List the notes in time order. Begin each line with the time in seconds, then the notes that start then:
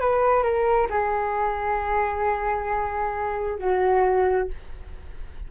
0.00 B4
0.43 A#4
0.90 G#4
3.59 F#4